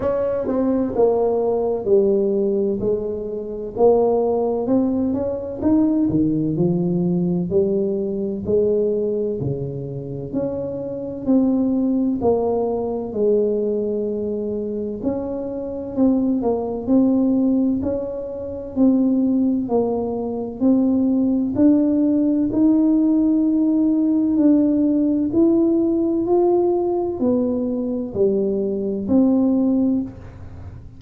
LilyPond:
\new Staff \with { instrumentName = "tuba" } { \time 4/4 \tempo 4 = 64 cis'8 c'8 ais4 g4 gis4 | ais4 c'8 cis'8 dis'8 dis8 f4 | g4 gis4 cis4 cis'4 | c'4 ais4 gis2 |
cis'4 c'8 ais8 c'4 cis'4 | c'4 ais4 c'4 d'4 | dis'2 d'4 e'4 | f'4 b4 g4 c'4 | }